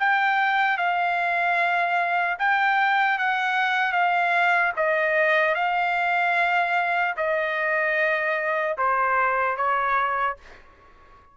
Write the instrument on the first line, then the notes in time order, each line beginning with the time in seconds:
trumpet
0.00 G5
0.78 F5
2.39 G5
3.19 F#5
3.93 F5
4.77 D#5
5.55 F5
7.17 D#5
8.78 C5
9.57 C#5